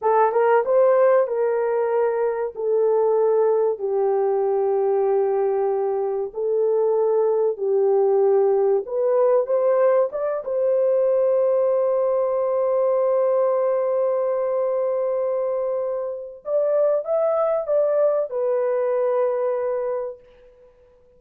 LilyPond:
\new Staff \with { instrumentName = "horn" } { \time 4/4 \tempo 4 = 95 a'8 ais'8 c''4 ais'2 | a'2 g'2~ | g'2 a'2 | g'2 b'4 c''4 |
d''8 c''2.~ c''8~ | c''1~ | c''2 d''4 e''4 | d''4 b'2. | }